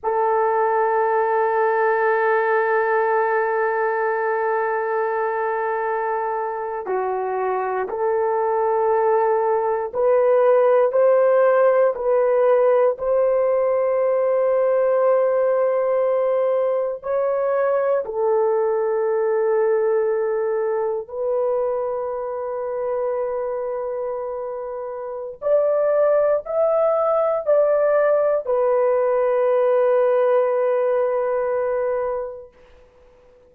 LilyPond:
\new Staff \with { instrumentName = "horn" } { \time 4/4 \tempo 4 = 59 a'1~ | a'2~ a'8. fis'4 a'16~ | a'4.~ a'16 b'4 c''4 b'16~ | b'8. c''2.~ c''16~ |
c''8. cis''4 a'2~ a'16~ | a'8. b'2.~ b'16~ | b'4 d''4 e''4 d''4 | b'1 | }